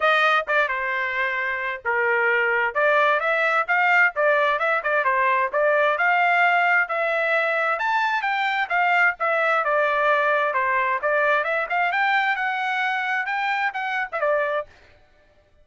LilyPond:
\new Staff \with { instrumentName = "trumpet" } { \time 4/4 \tempo 4 = 131 dis''4 d''8 c''2~ c''8 | ais'2 d''4 e''4 | f''4 d''4 e''8 d''8 c''4 | d''4 f''2 e''4~ |
e''4 a''4 g''4 f''4 | e''4 d''2 c''4 | d''4 e''8 f''8 g''4 fis''4~ | fis''4 g''4 fis''8. e''16 d''4 | }